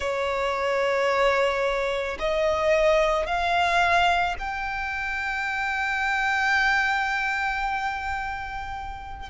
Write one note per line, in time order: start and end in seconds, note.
0.00 2.17 C#5
2.19 3.26 D#5
3.26 4.35 F5
4.38 9.29 G5